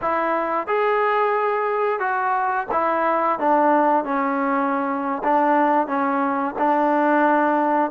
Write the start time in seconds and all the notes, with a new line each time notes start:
0.01 E4
0.67 G#4
1.99 F#4
2.71 E4
3.39 D4
4.04 C#4
5.23 D4
5.87 C#4
6.58 D4